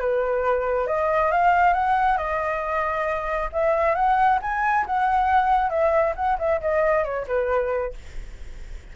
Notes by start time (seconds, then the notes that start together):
0.00 B4
0.87 D#5
1.32 F5
1.74 F#5
2.17 D#5
3.53 E5
3.95 F#5
4.42 G#5
4.86 F#5
5.70 E5
6.16 F#5
6.39 E5
6.61 D#5
7.04 C#5
7.27 B4